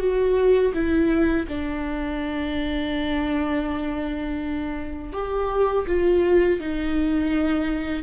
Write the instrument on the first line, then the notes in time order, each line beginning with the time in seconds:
viola
0.00 F#4
0.74 E4
1.48 D4
5.13 G4
5.87 F4
6.61 D#4